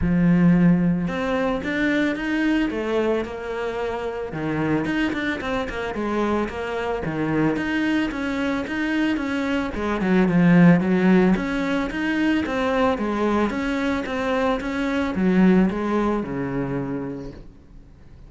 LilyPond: \new Staff \with { instrumentName = "cello" } { \time 4/4 \tempo 4 = 111 f2 c'4 d'4 | dis'4 a4 ais2 | dis4 dis'8 d'8 c'8 ais8 gis4 | ais4 dis4 dis'4 cis'4 |
dis'4 cis'4 gis8 fis8 f4 | fis4 cis'4 dis'4 c'4 | gis4 cis'4 c'4 cis'4 | fis4 gis4 cis2 | }